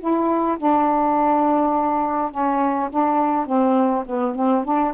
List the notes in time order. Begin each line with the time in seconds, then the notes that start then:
0.00 E4
0.59 D4
2.32 C#4
2.90 D4
3.47 C4
4.07 B3
4.36 C4
4.65 D4